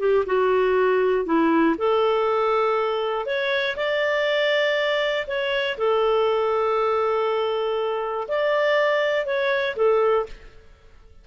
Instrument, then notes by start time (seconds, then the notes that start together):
clarinet
0.00 G4
0.26 F#4
1.26 E4
1.78 A4
3.26 C#5
3.77 D5
5.27 C#5
5.78 A4
8.28 D5
9.26 C#5
9.76 A4